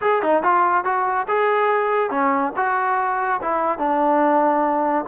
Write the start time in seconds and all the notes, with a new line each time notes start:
0.01 G#4
0.22 D#4
0.42 F4
0.84 F#4
1.28 G#4
2.10 C#4
2.56 F#4
3.41 E4
3.78 D4